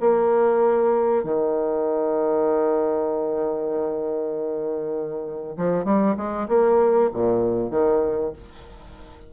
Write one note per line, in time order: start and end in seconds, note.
0.00 1.23 A#3
1.23 5.56 D#3
5.57 5.84 F3
5.84 6.15 G3
6.17 6.48 G#3
6.48 7.10 A#3
7.13 7.70 A#2
7.70 8.32 D#3